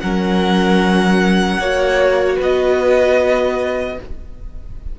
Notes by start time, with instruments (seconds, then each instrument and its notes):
0.00 cello F#3, viola C#4, violin A#4 F#5
1.58 cello A#3, viola F#4, violin C#5
2.36 cello B3, violin B4 D#5